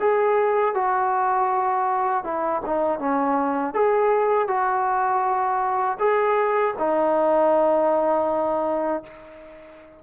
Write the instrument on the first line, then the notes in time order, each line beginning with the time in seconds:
trombone
0.00 G#4
0.74 F#4
2.24 E4
2.66 D#4
2.99 C#4
3.74 G#4
4.48 F#4
5.99 G#4
6.78 D#4